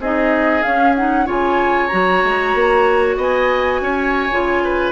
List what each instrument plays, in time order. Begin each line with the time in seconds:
0.00 bassoon C4, clarinet D#4, oboe G#4, flute D#5
0.63 clarinet C#4, bassoon C#4, flute F5
0.96 clarinet D#4, flute F#5
1.26 bassoon C#3, clarinet F4, oboe C#5, flute G#5
1.88 bassoon F#3, clarinet F#4, flute A#5
2.24 bassoon G#3
2.55 bassoon A#3
3.17 bassoon B3, oboe D#5, flute G#5
3.81 bassoon C#4, oboe C#5
4.32 bassoon C#3, clarinet F4
4.64 oboe B4